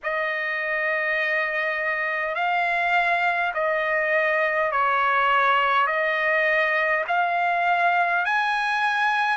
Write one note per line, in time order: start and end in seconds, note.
0.03 2.35 D#5
2.35 3.52 F5
3.53 4.71 D#5
4.71 5.87 C#5
5.87 7.04 D#5
7.07 8.25 F5
8.25 9.37 G#5